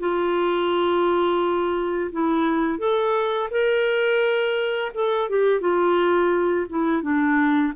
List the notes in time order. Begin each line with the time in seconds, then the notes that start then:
0.00 F4
2.12 E4
2.79 A4
3.51 A#4
4.95 A4
5.30 G4
5.61 F4
6.70 E4
7.03 D4